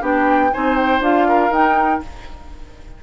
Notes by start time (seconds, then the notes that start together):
0.00 B3 D4 G4 G5
0.52 C4 D#4 C5 G#5
0.76 G5
1.00 D4 F4 F5
1.28 A#4
1.50 D#4 G5